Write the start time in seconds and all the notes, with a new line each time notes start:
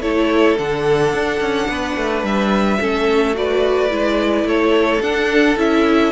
0.00 A3 E4 A4 C#5
0.59 D3 D4 F#5
1.14 D4
1.41 C#4
1.69 B3 B4
1.97 A3
2.23 G3 E5
2.80 A3 C#4 A4
3.34 F#4 B4 D5
3.90 G#3 E4
4.44 A3 A4 C#5
5.01 D4 F#5
5.57 C#4 E4 E5